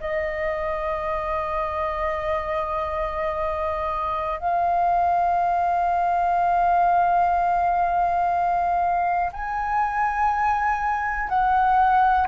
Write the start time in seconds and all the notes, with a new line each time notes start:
0.00 D#5
4.39 F5
9.33 G#5
11.29 F#5